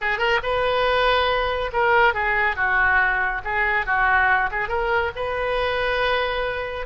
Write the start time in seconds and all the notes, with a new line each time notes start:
0.01 G#4
0.18 A#4
0.42 B4
1.73 A#4
2.14 G#4
2.56 F#4
3.44 G#4
3.86 F#4
4.51 G#4
4.68 A#4
5.15 B4